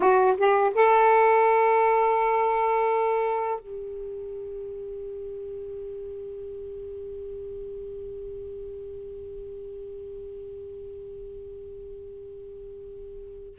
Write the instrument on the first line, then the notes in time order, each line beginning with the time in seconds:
saxophone
0.00 F#4
0.37 G4
0.74 A4
3.59 G4